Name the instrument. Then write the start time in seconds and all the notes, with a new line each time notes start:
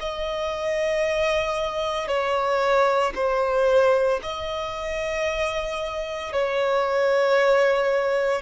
violin
0.00 D#5
2.08 C#5
3.15 C5
4.23 D#5
6.33 C#5